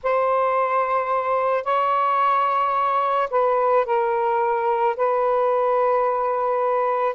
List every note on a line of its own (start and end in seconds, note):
0.03 1.63 C5
1.63 3.29 C#5
3.30 3.85 B4
3.85 4.95 A#4
4.96 7.15 B4